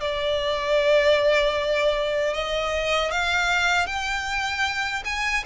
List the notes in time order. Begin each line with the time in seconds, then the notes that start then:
0.00 D5
2.33 D#5
3.11 F5
3.86 G5
5.05 G#5